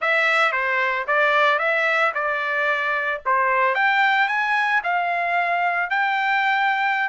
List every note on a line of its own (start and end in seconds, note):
0.01 0.52 E5
0.52 1.05 C5
1.07 1.59 D5
1.59 2.12 E5
2.14 3.21 D5
3.25 3.75 C5
3.75 4.28 G5
4.28 4.81 G#5
4.83 5.90 F5
5.90 7.09 G5